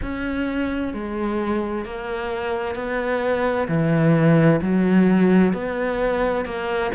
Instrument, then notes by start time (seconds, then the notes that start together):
cello
0.02 C#4
0.93 G#3
1.85 A#3
2.75 B3
3.68 E3
4.61 F#3
5.53 B3
6.45 A#3